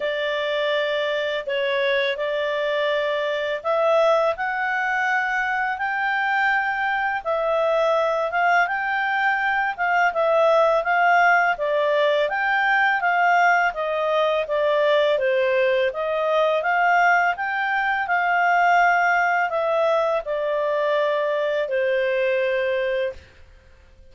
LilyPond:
\new Staff \with { instrumentName = "clarinet" } { \time 4/4 \tempo 4 = 83 d''2 cis''4 d''4~ | d''4 e''4 fis''2 | g''2 e''4. f''8 | g''4. f''8 e''4 f''4 |
d''4 g''4 f''4 dis''4 | d''4 c''4 dis''4 f''4 | g''4 f''2 e''4 | d''2 c''2 | }